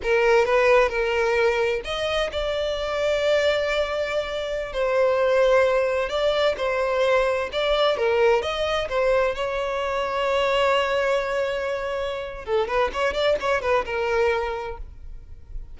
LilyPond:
\new Staff \with { instrumentName = "violin" } { \time 4/4 \tempo 4 = 130 ais'4 b'4 ais'2 | dis''4 d''2.~ | d''2~ d''16 c''4.~ c''16~ | c''4~ c''16 d''4 c''4.~ c''16~ |
c''16 d''4 ais'4 dis''4 c''8.~ | c''16 cis''2.~ cis''8.~ | cis''2. a'8 b'8 | cis''8 d''8 cis''8 b'8 ais'2 | }